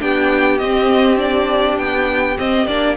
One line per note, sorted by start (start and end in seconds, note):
0.00 0.61 B3
0.00 0.59 D4
0.00 2.97 G4
0.00 0.59 G5
0.59 1.78 C4
0.59 1.17 C4
0.59 1.18 D#5
1.17 2.36 D4
1.17 1.78 D5
1.78 2.38 B3
1.78 2.38 G5
2.38 2.67 C4
2.38 2.67 D#5
2.67 2.97 A#3
2.67 2.97 D4
2.67 2.97 D5